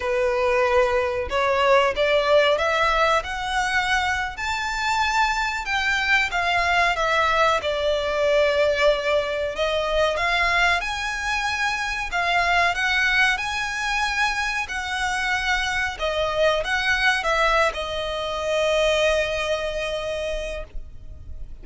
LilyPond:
\new Staff \with { instrumentName = "violin" } { \time 4/4 \tempo 4 = 93 b'2 cis''4 d''4 | e''4 fis''4.~ fis''16 a''4~ a''16~ | a''8. g''4 f''4 e''4 d''16~ | d''2~ d''8. dis''4 f''16~ |
f''8. gis''2 f''4 fis''16~ | fis''8. gis''2 fis''4~ fis''16~ | fis''8. dis''4 fis''4 e''8. dis''8~ | dis''1 | }